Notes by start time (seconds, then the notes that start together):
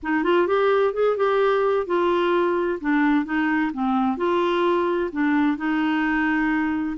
0.02 D#4
0.23 F4
0.47 G4
0.93 G#4
1.16 G4
1.86 F4
2.81 D4
3.25 D#4
3.73 C4
4.17 F4
5.12 D4
5.57 D#4